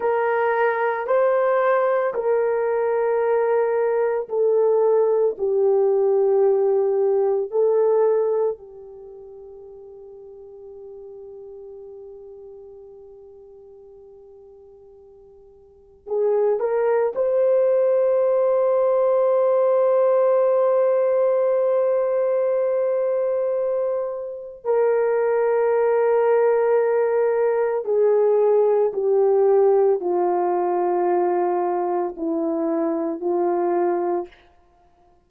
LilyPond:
\new Staff \with { instrumentName = "horn" } { \time 4/4 \tempo 4 = 56 ais'4 c''4 ais'2 | a'4 g'2 a'4 | g'1~ | g'2. gis'8 ais'8 |
c''1~ | c''2. ais'4~ | ais'2 gis'4 g'4 | f'2 e'4 f'4 | }